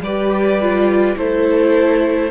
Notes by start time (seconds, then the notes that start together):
0.00 G3 G4 B4 D5
0.60 F4
1.16 A3 E4 A4 C5